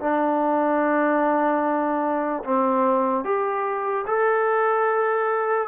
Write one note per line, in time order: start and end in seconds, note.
0.00 2.43 D4
2.44 3.24 C4
3.24 4.05 G4
4.07 5.68 A4